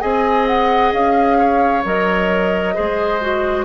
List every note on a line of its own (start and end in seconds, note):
0.00 0.92 C4
0.00 1.82 G#4
0.00 1.37 D#5
0.00 0.46 G#5
0.47 0.92 F#5
0.92 1.83 C#4
0.92 1.84 F5
1.38 2.74 C#5
1.84 2.75 F#3
1.84 2.74 A#4
1.84 3.65 D#5
2.74 3.65 G#3
2.74 3.19 G#4
2.74 3.65 C5
3.20 3.65 F#4